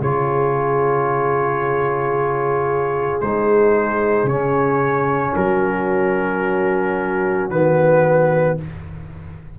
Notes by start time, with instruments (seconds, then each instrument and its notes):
0.00 tuba C#3, trombone F4, horn G#4, trumpet C#5
3.21 tuba G#3, trombone D#4, trumpet C5
4.24 tuba C#3, trombone C#4, trumpet C#5
5.35 tuba F#3, horn F#4, trumpet A#4
7.50 tuba D#3, trombone B3, trumpet B4